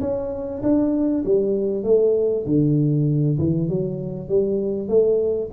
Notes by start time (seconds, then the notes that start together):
0.00 C#4
0.62 D4
1.25 G3
1.84 A3
2.46 D3
3.38 E3
3.68 F#3
4.29 G3
4.88 A3